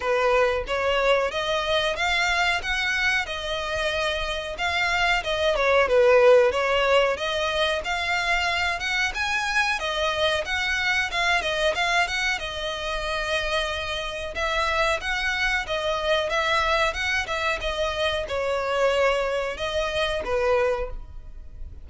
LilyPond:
\new Staff \with { instrumentName = "violin" } { \time 4/4 \tempo 4 = 92 b'4 cis''4 dis''4 f''4 | fis''4 dis''2 f''4 | dis''8 cis''8 b'4 cis''4 dis''4 | f''4. fis''8 gis''4 dis''4 |
fis''4 f''8 dis''8 f''8 fis''8 dis''4~ | dis''2 e''4 fis''4 | dis''4 e''4 fis''8 e''8 dis''4 | cis''2 dis''4 b'4 | }